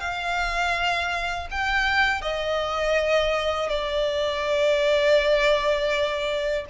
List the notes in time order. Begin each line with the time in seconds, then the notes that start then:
0.00 F5
1.51 G5
2.22 D#5
3.69 D5